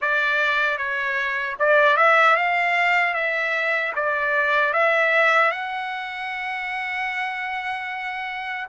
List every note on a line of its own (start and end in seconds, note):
0.01 0.77 D5
0.77 1.56 C#5
1.59 1.97 D5
1.97 2.36 E5
2.36 3.14 F5
3.14 3.93 E5
3.95 4.73 D5
4.73 5.50 E5
5.50 8.66 F#5